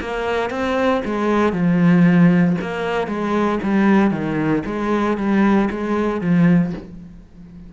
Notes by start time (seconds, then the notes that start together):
0.00 A#3
0.50 C4
1.05 G#3
1.52 F3
2.61 A#3
3.07 G#3
3.63 G3
4.11 D#3
4.66 G#3
5.17 G3
5.70 G#3
6.21 F3